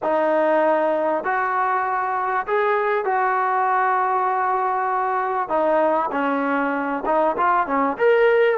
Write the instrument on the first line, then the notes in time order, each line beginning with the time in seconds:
trombone
0.02 D#4
1.24 F#4
2.46 G#4
3.04 F#4
5.48 D#4
6.11 C#4
7.05 D#4
7.37 F4
7.66 C#4
7.97 A#4